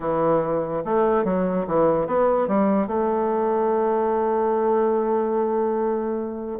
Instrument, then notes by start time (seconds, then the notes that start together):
bassoon
0.00 E3
0.84 A3
1.24 F#3
1.67 E3
2.06 B3
2.47 G3
2.87 A3